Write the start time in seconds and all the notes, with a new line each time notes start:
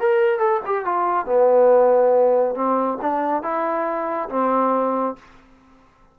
0.00 A#4
0.39 A4
0.66 G4
0.85 F4
1.26 B3
2.55 C4
3.01 D4
3.43 E4
4.30 C4